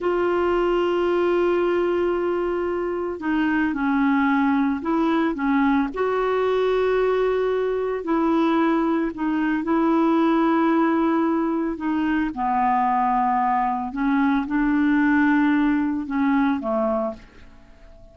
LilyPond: \new Staff \with { instrumentName = "clarinet" } { \time 4/4 \tempo 4 = 112 f'1~ | f'2 dis'4 cis'4~ | cis'4 e'4 cis'4 fis'4~ | fis'2. e'4~ |
e'4 dis'4 e'2~ | e'2 dis'4 b4~ | b2 cis'4 d'4~ | d'2 cis'4 a4 | }